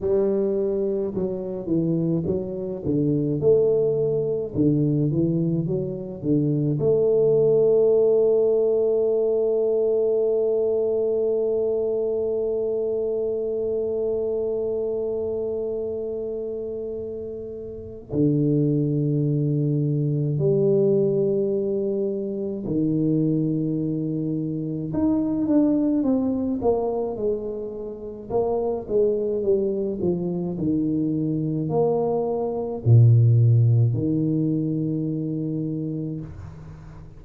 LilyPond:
\new Staff \with { instrumentName = "tuba" } { \time 4/4 \tempo 4 = 53 g4 fis8 e8 fis8 d8 a4 | d8 e8 fis8 d8 a2~ | a1~ | a1 |
d2 g2 | dis2 dis'8 d'8 c'8 ais8 | gis4 ais8 gis8 g8 f8 dis4 | ais4 ais,4 dis2 | }